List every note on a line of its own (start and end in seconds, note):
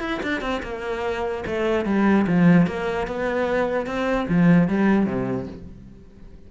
0.00 0.20 E4
0.23 0.41 D4
0.41 0.62 C4
0.63 1.44 A#3
1.46 1.85 A3
1.85 2.26 G3
2.27 2.67 F3
2.67 3.07 A#3
3.07 3.86 B3
3.86 4.27 C4
4.28 4.68 F3
4.68 5.06 G3
5.06 5.47 C3